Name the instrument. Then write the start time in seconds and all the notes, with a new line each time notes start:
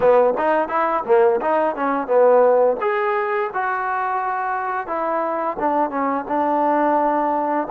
trombone
0.00 B3
0.37 D#4
0.68 E4
1.05 A#3
1.41 D#4
1.75 C#4
2.07 B3
2.80 G#4
3.53 F#4
4.87 E4
5.59 D4
5.90 C#4
6.28 D4